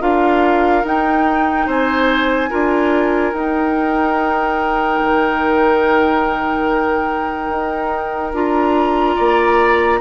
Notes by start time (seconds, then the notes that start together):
0.00 D4 F4 A#4 F5
0.84 D#4 G5
1.66 C4 C5 G#5
2.50 D4 F4 A#4
3.33 D#4 G5
5.02 D#3
7.49 D#4
8.33 D4 F4 A#5
9.16 A#3 D5